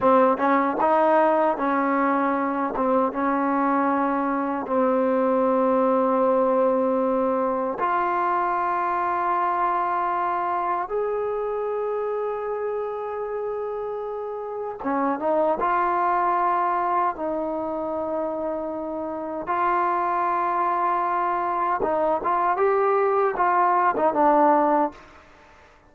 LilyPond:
\new Staff \with { instrumentName = "trombone" } { \time 4/4 \tempo 4 = 77 c'8 cis'8 dis'4 cis'4. c'8 | cis'2 c'2~ | c'2 f'2~ | f'2 gis'2~ |
gis'2. cis'8 dis'8 | f'2 dis'2~ | dis'4 f'2. | dis'8 f'8 g'4 f'8. dis'16 d'4 | }